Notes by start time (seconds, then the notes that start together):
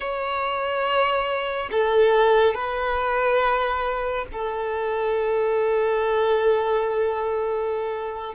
0.00 C#5
1.71 A4
2.54 B4
4.32 A4